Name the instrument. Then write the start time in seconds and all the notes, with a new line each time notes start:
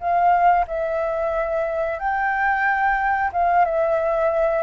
flute
0.00 F5
0.67 E5
1.99 G5
3.33 F5
3.65 E5